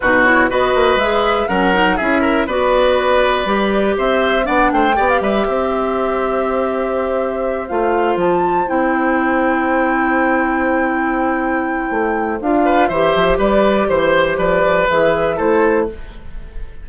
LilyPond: <<
  \new Staff \with { instrumentName = "flute" } { \time 4/4 \tempo 4 = 121 b'8 cis''8 dis''4 e''4 fis''4 | e''4 d''2. | e''4 fis''8 g''8. f''16 e''4.~ | e''2.~ e''8 f''8~ |
f''8 a''4 g''2~ g''8~ | g''1~ | g''4 f''4 e''4 d''4 | c''4 d''4 e''4 c''4 | }
  \new Staff \with { instrumentName = "oboe" } { \time 4/4 fis'4 b'2 ais'4 | gis'8 ais'8 b'2. | c''4 d''8 c''8 d''8 b'8 c''4~ | c''1~ |
c''1~ | c''1~ | c''4. b'8 c''4 b'4 | c''4 b'2 a'4 | }
  \new Staff \with { instrumentName = "clarinet" } { \time 4/4 dis'8 e'8 fis'4 gis'4 cis'8 dis'8 | e'4 fis'2 g'4~ | g'4 d'4 g'2~ | g'2.~ g'8 f'8~ |
f'4. e'2~ e'8~ | e'1~ | e'4 f'4 g'2~ | g'2 gis'4 e'4 | }
  \new Staff \with { instrumentName = "bassoon" } { \time 4/4 b,4 b8 ais8 gis4 fis4 | cis'4 b2 g4 | c'4 b8 a8 b8 g8 c'4~ | c'2.~ c'8 a8~ |
a8 f4 c'2~ c'8~ | c'1 | a4 d'4 e8 f8 g4 | e4 f4 e4 a4 | }
>>